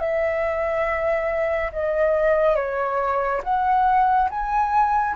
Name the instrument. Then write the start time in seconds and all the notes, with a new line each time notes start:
flute
0.00 E5
1.73 D#5
2.56 C#5
3.44 F#5
4.31 G#5